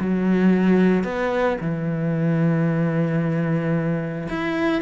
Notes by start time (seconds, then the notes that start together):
0.00 F#3
1.04 B3
1.61 E3
4.29 E4